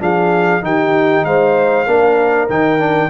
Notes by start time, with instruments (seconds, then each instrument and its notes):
0.00 tuba F3, trombone D4, horn G#4, trumpet F5
0.62 tuba D#3, trombone D#4, horn G4, trumpet G5
1.25 tuba G#3, horn C5, trumpet F5
1.87 tuba A#3, trombone D4, horn A#4
2.49 tuba D#3, trombone D#4, trumpet G5
2.79 trombone D4